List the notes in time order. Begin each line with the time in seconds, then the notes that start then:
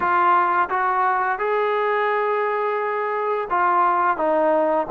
0.00 F4
0.69 F#4
1.39 G#4
3.49 F4
4.17 D#4